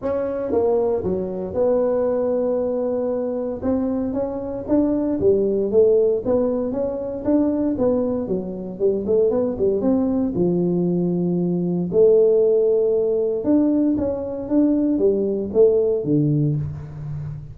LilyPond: \new Staff \with { instrumentName = "tuba" } { \time 4/4 \tempo 4 = 116 cis'4 ais4 fis4 b4~ | b2. c'4 | cis'4 d'4 g4 a4 | b4 cis'4 d'4 b4 |
fis4 g8 a8 b8 g8 c'4 | f2. a4~ | a2 d'4 cis'4 | d'4 g4 a4 d4 | }